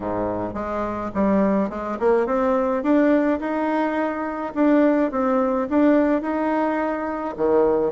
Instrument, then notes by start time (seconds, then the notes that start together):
bassoon
0.00 G#2
0.54 G#3
1.14 G3
1.69 G#3
1.99 A#3
2.26 C4
2.83 D4
3.40 D#4
4.54 D4
5.11 C4
5.69 D4
6.21 D#4
7.36 D#3